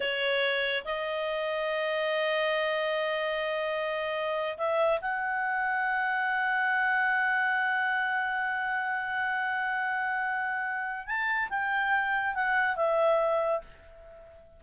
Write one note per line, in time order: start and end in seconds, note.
0.00 0.84 C#5
0.85 4.57 D#5
4.57 5.00 E5
5.01 11.06 F#5
11.06 11.49 A5
11.49 12.34 G5
12.34 12.76 F#5
12.76 13.61 E5